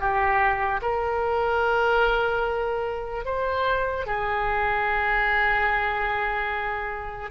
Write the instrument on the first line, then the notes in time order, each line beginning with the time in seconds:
oboe
0.00 G4
0.82 A#4
3.25 C5
4.07 G#4